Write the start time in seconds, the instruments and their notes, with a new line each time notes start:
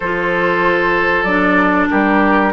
0.00 bassoon F3, clarinet F4, oboe A4, flute C5
1.23 bassoon F#3, clarinet D4, flute D5
1.90 bassoon G3, oboe G4, flute A#4